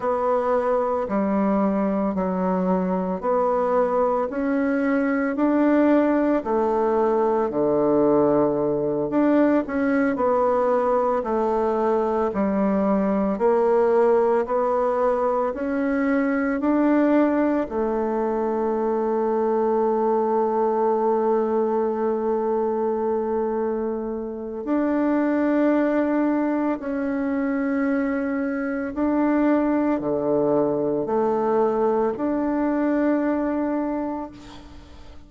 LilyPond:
\new Staff \with { instrumentName = "bassoon" } { \time 4/4 \tempo 4 = 56 b4 g4 fis4 b4 | cis'4 d'4 a4 d4~ | d8 d'8 cis'8 b4 a4 g8~ | g8 ais4 b4 cis'4 d'8~ |
d'8 a2.~ a8~ | a2. d'4~ | d'4 cis'2 d'4 | d4 a4 d'2 | }